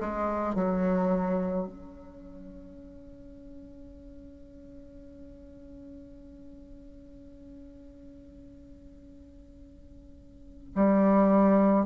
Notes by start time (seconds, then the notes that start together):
0.00 G#3
0.55 F#3
1.67 C#4
10.75 G3